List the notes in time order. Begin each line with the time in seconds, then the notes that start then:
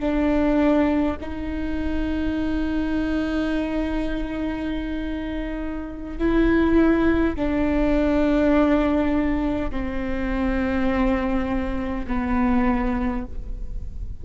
0.00 D4
1.21 D#4
6.19 E4
7.36 D4
9.71 C4
12.07 B3